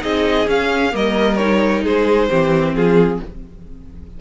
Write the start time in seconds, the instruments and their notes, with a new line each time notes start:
0.00 cello C4, viola D#4, violin G#4 D#5
0.47 cello C#4, viola C#4, violin F5
0.92 cello G3, viola A#3, violin A#4 D#5
1.36 viola D#4, violin C#5
1.83 cello G#3, violin G#4 C5
2.29 cello E3, viola C4, violin G4
2.74 cello F3, violin F4 G#4